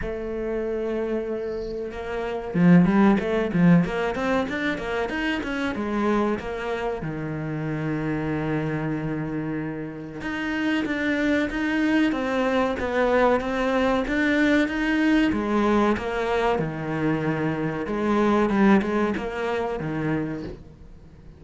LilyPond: \new Staff \with { instrumentName = "cello" } { \time 4/4 \tempo 4 = 94 a2. ais4 | f8 g8 a8 f8 ais8 c'8 d'8 ais8 | dis'8 cis'8 gis4 ais4 dis4~ | dis1 |
dis'4 d'4 dis'4 c'4 | b4 c'4 d'4 dis'4 | gis4 ais4 dis2 | gis4 g8 gis8 ais4 dis4 | }